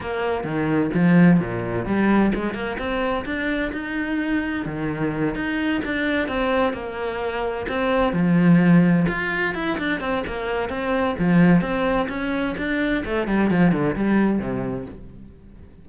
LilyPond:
\new Staff \with { instrumentName = "cello" } { \time 4/4 \tempo 4 = 129 ais4 dis4 f4 ais,4 | g4 gis8 ais8 c'4 d'4 | dis'2 dis4. dis'8~ | dis'8 d'4 c'4 ais4.~ |
ais8 c'4 f2 f'8~ | f'8 e'8 d'8 c'8 ais4 c'4 | f4 c'4 cis'4 d'4 | a8 g8 f8 d8 g4 c4 | }